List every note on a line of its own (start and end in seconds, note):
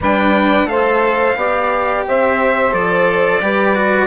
0.01 0.64 G3
0.01 0.67 D4
0.01 0.69 B4
0.01 0.68 G5
0.64 1.33 A3
0.64 1.35 A4
0.64 1.37 C5
0.64 2.04 F5
1.36 2.04 B3
1.36 2.71 G4
1.36 2.05 D5
2.07 2.73 C4
2.07 3.43 C5
2.07 2.74 E5
2.71 3.41 F3
2.71 3.39 A4
2.71 4.06 D5
3.41 4.06 G3
3.41 3.75 G4
3.41 4.06 B4
3.75 4.06 F#4